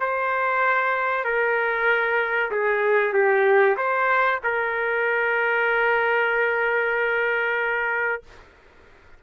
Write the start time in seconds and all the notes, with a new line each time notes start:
0.00 C5
1.25 A#4
2.51 G#4
3.13 G4
3.77 C5
4.44 A#4